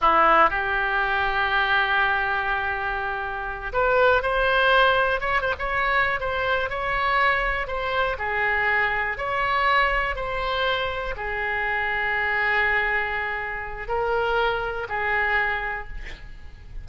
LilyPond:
\new Staff \with { instrumentName = "oboe" } { \time 4/4 \tempo 4 = 121 e'4 g'2.~ | g'2.~ g'8 b'8~ | b'8 c''2 cis''8 c''16 cis''8.~ | cis''8 c''4 cis''2 c''8~ |
c''8 gis'2 cis''4.~ | cis''8 c''2 gis'4.~ | gis'1 | ais'2 gis'2 | }